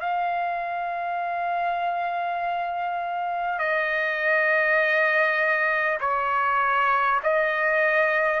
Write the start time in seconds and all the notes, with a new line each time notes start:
0.00 F5
3.58 D#5
6.00 C#5
7.23 D#5